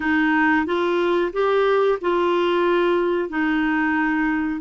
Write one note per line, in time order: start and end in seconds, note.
0.00 0.66 D#4
0.66 1.32 F4
1.32 1.98 G4
2.01 3.29 F4
3.29 4.61 D#4